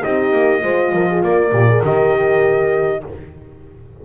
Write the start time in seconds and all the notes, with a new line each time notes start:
0.00 C4 D#4 G4 D#5
0.32 A#3
0.61 G#3 F4 C5
0.93 F3 A#4
1.10 G#4
1.23 A#3 A#4 D5
1.52 A#2 G4
1.69 G#4
1.83 D#3 G4 D#5